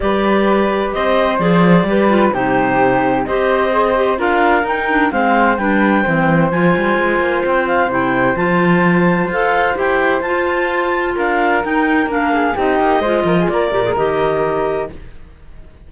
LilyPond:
<<
  \new Staff \with { instrumentName = "clarinet" } { \time 4/4 \tempo 4 = 129 d''2 dis''4 d''4~ | d''4 c''2 dis''4~ | dis''4 f''4 g''4 f''4 | g''2 gis''2 |
g''8 f''8 g''4 a''2 | f''4 g''4 a''2 | f''4 g''4 f''4 dis''4~ | dis''4 d''4 dis''2 | }
  \new Staff \with { instrumentName = "flute" } { \time 4/4 b'2 c''2 | b'4 g'2 c''4~ | c''4 ais'2 c''4 | b'4 c''2.~ |
c''1~ | c''1 | ais'2~ ais'8 gis'8 g'4 | c''8 ais'16 gis'16 ais'2. | }
  \new Staff \with { instrumentName = "clarinet" } { \time 4/4 g'2. gis'4 | g'8 f'8 dis'2 g'4 | gis'8 g'8 f'4 dis'8 d'8 c'4 | d'4 c'4 f'2~ |
f'4 e'4 f'2 | a'4 g'4 f'2~ | f'4 dis'4 d'4 dis'4 | f'4. g'16 gis'16 g'2 | }
  \new Staff \with { instrumentName = "cello" } { \time 4/4 g2 c'4 f4 | g4 c2 c'4~ | c'4 d'4 dis'4 gis4 | g4 e4 f8 g8 gis8 ais8 |
c'4 c4 f2 | f'4 e'4 f'2 | d'4 dis'4 ais4 c'8 ais8 | gis8 f8 ais8 ais,8 dis2 | }
>>